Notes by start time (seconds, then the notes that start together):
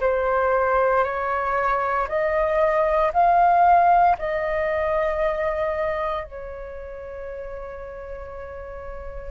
0.00 C5
1.04 C#5
2.08 D#5
3.13 F5
4.18 D#5
6.24 C#5